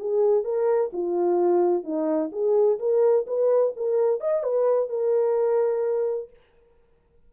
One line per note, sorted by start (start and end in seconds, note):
0.00 0.44 G#4
0.44 0.91 A#4
0.93 1.84 F4
1.84 2.31 D#4
2.32 2.79 G#4
2.80 3.26 A#4
3.27 3.74 B4
3.76 4.21 A#4
4.21 4.44 D#5
4.44 4.89 B4
4.89 6.30 A#4